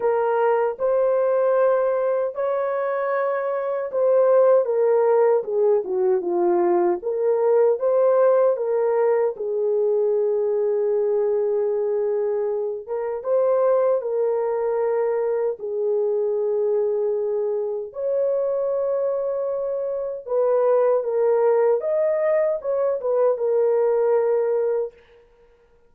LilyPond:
\new Staff \with { instrumentName = "horn" } { \time 4/4 \tempo 4 = 77 ais'4 c''2 cis''4~ | cis''4 c''4 ais'4 gis'8 fis'8 | f'4 ais'4 c''4 ais'4 | gis'1~ |
gis'8 ais'8 c''4 ais'2 | gis'2. cis''4~ | cis''2 b'4 ais'4 | dis''4 cis''8 b'8 ais'2 | }